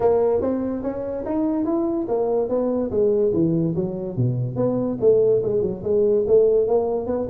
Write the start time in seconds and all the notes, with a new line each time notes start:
0.00 A#3
0.41 C4
0.83 C#4
1.25 D#4
1.65 E4
2.08 A#3
2.48 B3
2.90 G#3
3.33 E3
3.75 F#3
4.16 B2
4.55 B3
5.00 A3
5.42 G#3
5.62 F#3
5.83 G#3
6.27 A3
6.67 A#3
7.06 B3